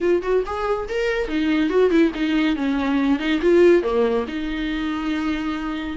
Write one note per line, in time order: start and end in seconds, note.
0.01 0.22 F4
0.22 0.43 F#4
0.46 0.88 G#4
0.88 1.28 A#4
1.28 1.69 D#4
1.69 1.90 F#4
1.90 2.11 E4
2.14 2.55 D#4
2.55 3.19 C#4
3.19 3.40 D#4
3.41 3.82 F4
3.82 4.25 A#3
4.27 5.97 D#4